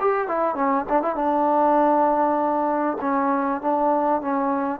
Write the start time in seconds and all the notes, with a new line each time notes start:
0.00 G4
0.27 E4
0.55 C#4
0.89 D4
1.02 E4
1.15 D4
3.01 C#4
3.61 D4
4.21 C#4